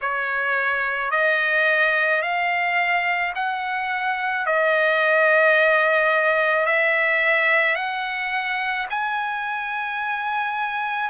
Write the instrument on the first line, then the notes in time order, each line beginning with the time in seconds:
trumpet
0.01 C#5
1.11 D#5
2.22 F5
3.35 F#5
4.45 D#5
6.66 E5
7.75 F#5
8.89 G#5